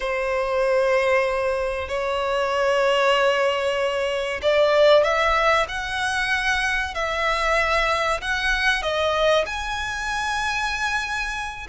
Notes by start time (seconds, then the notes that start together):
0.00 C5
1.88 C#5
4.42 D5
5.03 E5
5.68 F#5
6.94 E5
8.21 F#5
8.82 D#5
9.46 G#5